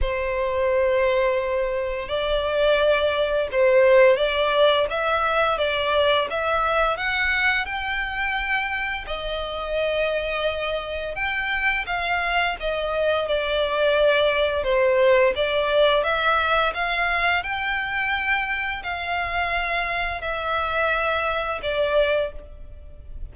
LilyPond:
\new Staff \with { instrumentName = "violin" } { \time 4/4 \tempo 4 = 86 c''2. d''4~ | d''4 c''4 d''4 e''4 | d''4 e''4 fis''4 g''4~ | g''4 dis''2. |
g''4 f''4 dis''4 d''4~ | d''4 c''4 d''4 e''4 | f''4 g''2 f''4~ | f''4 e''2 d''4 | }